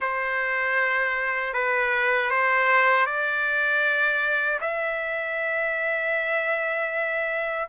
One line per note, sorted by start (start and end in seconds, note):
0.00 1.53 C5
1.53 2.30 B4
2.30 3.06 C5
3.06 4.59 D5
4.60 7.68 E5